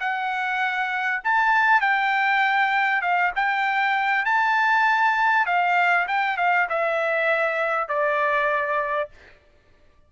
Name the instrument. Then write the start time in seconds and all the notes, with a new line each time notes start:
trumpet
0.00 F#5
1.24 A5
1.80 G5
3.01 F5
3.36 G5
4.25 A5
5.46 F5
6.08 G5
6.37 F5
6.69 E5
7.88 D5